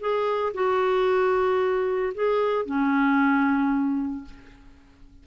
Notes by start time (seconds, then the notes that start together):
0.00 G#4
0.54 F#4
2.15 G#4
2.66 C#4